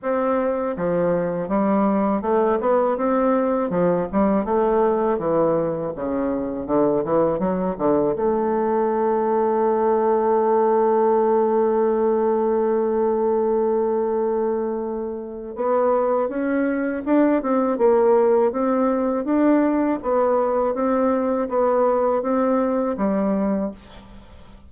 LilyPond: \new Staff \with { instrumentName = "bassoon" } { \time 4/4 \tempo 4 = 81 c'4 f4 g4 a8 b8 | c'4 f8 g8 a4 e4 | cis4 d8 e8 fis8 d8 a4~ | a1~ |
a1~ | a4 b4 cis'4 d'8 c'8 | ais4 c'4 d'4 b4 | c'4 b4 c'4 g4 | }